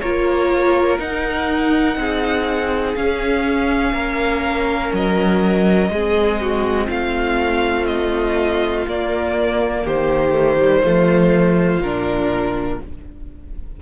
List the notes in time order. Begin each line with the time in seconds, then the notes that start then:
0.00 A#3 F4 A#4 C#5
0.98 D#4 F#5
1.96 C4 G#4
2.95 C#4 F5
3.92 A#3 A#4
4.92 F#3 D#5
5.89 G#3 C4 G#4
6.41 F#4
6.86 A3 F4 F5
7.85 D#5
8.87 A#3 D5
9.83 D#3 G4 C5
10.31 A3
10.59 G3
10.83 F3 A3 F4
11.79 A#2 D4 A#4